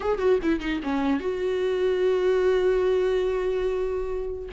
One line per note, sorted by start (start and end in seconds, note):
0.00 0.18 G#4
0.18 0.39 F#4
0.42 0.59 E4
0.59 0.80 D#4
0.83 1.19 C#4
1.19 4.48 F#4